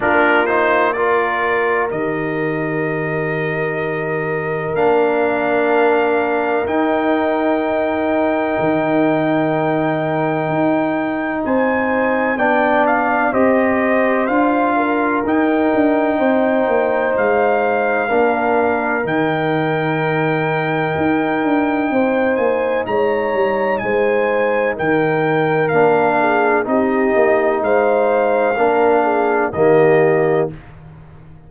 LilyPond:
<<
  \new Staff \with { instrumentName = "trumpet" } { \time 4/4 \tempo 4 = 63 ais'8 c''8 d''4 dis''2~ | dis''4 f''2 g''4~ | g''1 | gis''4 g''8 f''8 dis''4 f''4 |
g''2 f''2 | g''2.~ g''8 gis''8 | ais''4 gis''4 g''4 f''4 | dis''4 f''2 dis''4 | }
  \new Staff \with { instrumentName = "horn" } { \time 4/4 f'4 ais'2.~ | ais'1~ | ais'1 | c''4 d''4 c''4. ais'8~ |
ais'4 c''2 ais'4~ | ais'2. c''4 | cis''4 c''4 ais'4. gis'8 | g'4 c''4 ais'8 gis'8 g'4 | }
  \new Staff \with { instrumentName = "trombone" } { \time 4/4 d'8 dis'8 f'4 g'2~ | g'4 d'2 dis'4~ | dis'1~ | dis'4 d'4 g'4 f'4 |
dis'2. d'4 | dis'1~ | dis'2. d'4 | dis'2 d'4 ais4 | }
  \new Staff \with { instrumentName = "tuba" } { \time 4/4 ais2 dis2~ | dis4 ais2 dis'4~ | dis'4 dis2 dis'4 | c'4 b4 c'4 d'4 |
dis'8 d'8 c'8 ais8 gis4 ais4 | dis2 dis'8 d'8 c'8 ais8 | gis8 g8 gis4 dis4 ais4 | c'8 ais8 gis4 ais4 dis4 | }
>>